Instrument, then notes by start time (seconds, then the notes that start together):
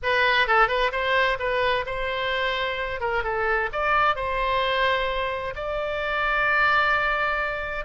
oboe
0.02 B4
0.47 A4
0.68 B4
0.92 C5
1.39 B4
1.86 C5
3.00 A#4
3.23 A4
3.72 D5
4.15 C5
5.55 D5